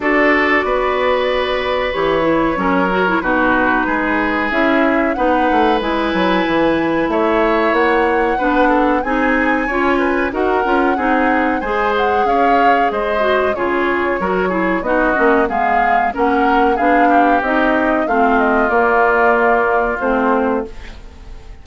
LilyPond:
<<
  \new Staff \with { instrumentName = "flute" } { \time 4/4 \tempo 4 = 93 d''2. cis''4~ | cis''4 b'2 e''4 | fis''4 gis''2 e''4 | fis''2 gis''2 |
fis''2 gis''8 fis''8 f''4 | dis''4 cis''2 dis''4 | f''4 fis''4 f''4 dis''4 | f''8 dis''8 d''2 c''4 | }
  \new Staff \with { instrumentName = "oboe" } { \time 4/4 a'4 b'2. | ais'4 fis'4 gis'2 | b'2. cis''4~ | cis''4 b'8 a'8 gis'4 cis''8 b'8 |
ais'4 gis'4 c''4 cis''4 | c''4 gis'4 ais'8 gis'8 fis'4 | gis'4 ais'4 gis'8 g'4. | f'1 | }
  \new Staff \with { instrumentName = "clarinet" } { \time 4/4 fis'2. g'8 e'8 | cis'8 fis'16 e'16 dis'2 e'4 | dis'4 e'2.~ | e'4 d'4 dis'4 f'4 |
fis'8 f'8 dis'4 gis'2~ | gis'8 fis'8 f'4 fis'8 e'8 dis'8 cis'8 | b4 cis'4 d'4 dis'4 | c'4 ais2 c'4 | }
  \new Staff \with { instrumentName = "bassoon" } { \time 4/4 d'4 b2 e4 | fis4 b,4 gis4 cis'4 | b8 a8 gis8 fis8 e4 a4 | ais4 b4 c'4 cis'4 |
dis'8 cis'8 c'4 gis4 cis'4 | gis4 cis4 fis4 b8 ais8 | gis4 ais4 b4 c'4 | a4 ais2 a4 | }
>>